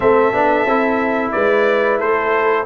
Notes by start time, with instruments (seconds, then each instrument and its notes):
0.00 tuba A3, trombone C4, horn A4, trumpet E5
0.32 tuba B3, trombone D4
0.65 tuba C4, trombone E4
1.31 tuba G#3, horn B4, trumpet D5
1.99 tuba A3, horn A4, trumpet C5